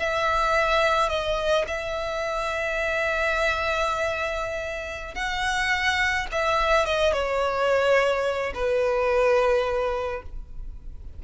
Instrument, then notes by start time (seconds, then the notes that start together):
violin
0.00 E5
1.09 D#5
1.68 E5
5.15 F#5
6.32 E5
6.86 D#5
7.13 C#5
8.55 B4